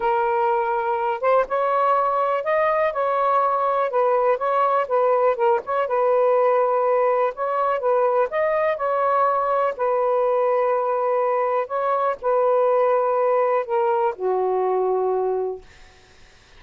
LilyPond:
\new Staff \with { instrumentName = "saxophone" } { \time 4/4 \tempo 4 = 123 ais'2~ ais'8 c''8 cis''4~ | cis''4 dis''4 cis''2 | b'4 cis''4 b'4 ais'8 cis''8 | b'2. cis''4 |
b'4 dis''4 cis''2 | b'1 | cis''4 b'2. | ais'4 fis'2. | }